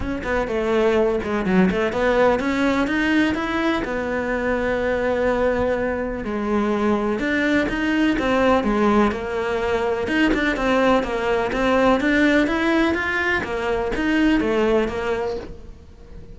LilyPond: \new Staff \with { instrumentName = "cello" } { \time 4/4 \tempo 4 = 125 cis'8 b8 a4. gis8 fis8 a8 | b4 cis'4 dis'4 e'4 | b1~ | b4 gis2 d'4 |
dis'4 c'4 gis4 ais4~ | ais4 dis'8 d'8 c'4 ais4 | c'4 d'4 e'4 f'4 | ais4 dis'4 a4 ais4 | }